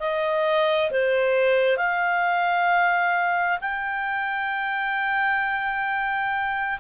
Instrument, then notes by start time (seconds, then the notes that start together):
clarinet
0.00 D#5
0.91 C5
1.77 F5
3.61 G5